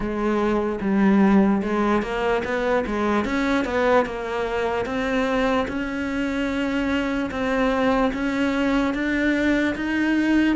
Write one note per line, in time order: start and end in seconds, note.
0.00 0.79 G#3
0.80 1.61 G3
1.62 2.02 G#3
2.02 2.43 A#3
2.44 2.85 B3
2.86 3.24 G#3
3.24 3.64 C#4
3.64 4.05 B3
4.05 4.85 A#3
4.85 5.66 C4
5.68 7.30 C#4
7.30 8.11 C4
8.13 8.94 C#4
8.94 9.75 D4
9.75 10.56 D#4